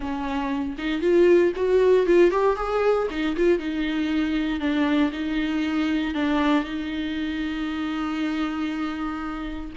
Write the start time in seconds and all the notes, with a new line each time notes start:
0.00 C#4
0.78 D#4
1.01 F4
1.55 F#4
2.06 F4
2.30 G4
2.56 G#4
3.10 D#4
3.36 F4
3.59 D#4
4.60 D4
5.12 D#4
6.14 D4
6.64 D#4